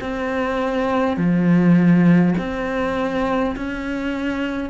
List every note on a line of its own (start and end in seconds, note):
0.00 1.17 C4
1.17 2.34 F3
2.37 3.55 C4
3.56 4.70 C#4